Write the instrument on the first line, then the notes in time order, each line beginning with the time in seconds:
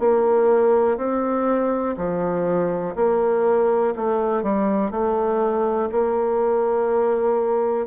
bassoon
0.00 A#3
0.97 C4
1.97 F3
2.96 A#3
3.96 A3
4.44 G3
4.91 A3
5.92 A#3